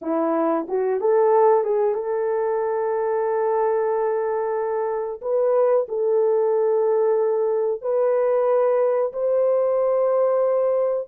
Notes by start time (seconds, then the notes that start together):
0.01 E4
0.68 F#4
1.00 A4
1.63 G#4
1.94 A4
5.21 B4
5.88 A4
7.81 B4
9.12 C5